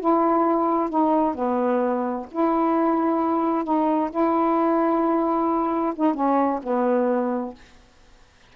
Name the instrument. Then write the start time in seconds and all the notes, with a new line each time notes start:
saxophone
0.00 E4
0.90 D#4
1.35 B3
2.31 E4
3.64 D#4
4.11 E4
5.96 D#4
6.14 C#4
6.63 B3